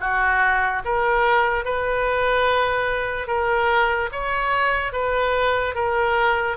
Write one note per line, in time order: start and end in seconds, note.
0.00 0.82 F#4
0.84 1.65 A#4
1.65 3.27 B4
3.27 4.09 A#4
4.12 4.92 C#5
4.92 5.75 B4
5.75 6.57 A#4